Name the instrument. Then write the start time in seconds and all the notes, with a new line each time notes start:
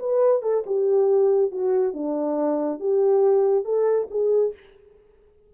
horn
0.00 B4
0.43 A4
0.67 G4
1.52 F#4
1.94 D4
2.81 G4
3.65 A4
4.11 G#4